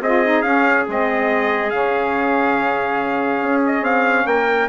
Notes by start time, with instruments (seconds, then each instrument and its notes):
0.00 bassoon C4, saxophone F4, trumpet G#4 D#5
0.24 saxophone D#4
0.42 bassoon C#4, saxophone C#4, trumpet F5
0.87 bassoon G#3, saxophone C4, trumpet D#5
1.70 bassoon C#3, saxophone C#4, trumpet F5
3.41 bassoon C#4
3.66 trumpet D#5
3.81 bassoon C4, trumpet F5
4.25 bassoon A#3, trumpet A#4 G5